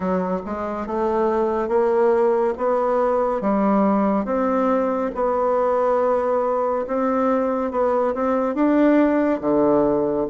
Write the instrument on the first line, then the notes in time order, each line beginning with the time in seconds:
bassoon
0.00 F#3
0.45 G#3
0.86 A3
1.68 A#3
2.57 B3
3.41 G3
4.25 C4
5.14 B3
6.86 C4
7.71 B3
8.14 C4
8.54 D4
9.41 D3